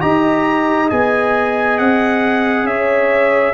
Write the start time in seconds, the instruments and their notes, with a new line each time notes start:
0.00 tuba D#4, trombone G4, horn D#5, trumpet A#5
0.89 tuba B3, trombone G#4, trumpet G#5
1.79 tuba C4, trumpet F#5
2.65 tuba C#4, horn C#5, trumpet E5